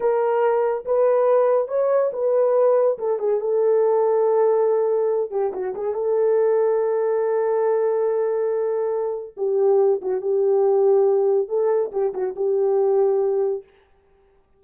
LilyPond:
\new Staff \with { instrumentName = "horn" } { \time 4/4 \tempo 4 = 141 ais'2 b'2 | cis''4 b'2 a'8 gis'8 | a'1~ | a'8 g'8 fis'8 gis'8 a'2~ |
a'1~ | a'2 g'4. fis'8 | g'2. a'4 | g'8 fis'8 g'2. | }